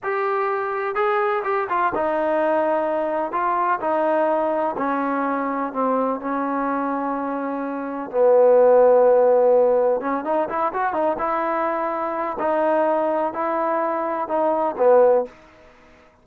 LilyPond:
\new Staff \with { instrumentName = "trombone" } { \time 4/4 \tempo 4 = 126 g'2 gis'4 g'8 f'8 | dis'2. f'4 | dis'2 cis'2 | c'4 cis'2.~ |
cis'4 b2.~ | b4 cis'8 dis'8 e'8 fis'8 dis'8 e'8~ | e'2 dis'2 | e'2 dis'4 b4 | }